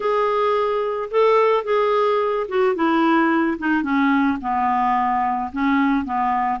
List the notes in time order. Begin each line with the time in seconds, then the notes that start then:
0.00 G#4
1.10 A4
1.64 G#4
2.48 F#4
2.75 E4
3.58 D#4
3.83 C#4
4.41 B3
5.52 C#4
6.05 B3